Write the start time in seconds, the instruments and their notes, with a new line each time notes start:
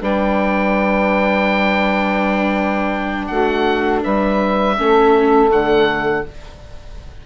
0.00 bassoon G3, viola D4, saxophone B4, oboe G5
3.27 bassoon A3, saxophone F#4, oboe F#5
4.03 bassoon G3, saxophone B4, oboe E5
4.77 bassoon A3, viola C#4, saxophone A4
5.49 bassoon D3, viola A3, oboe F#5